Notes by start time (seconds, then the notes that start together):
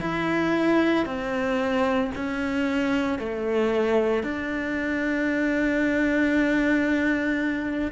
0.00 E4
1.05 C4
2.15 C#4
3.19 A3
4.23 D4